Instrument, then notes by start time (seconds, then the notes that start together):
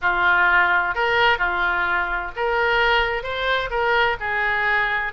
oboe
0.01 F4
0.94 A#4
1.38 F4
2.36 A#4
3.23 C5
3.70 A#4
4.20 G#4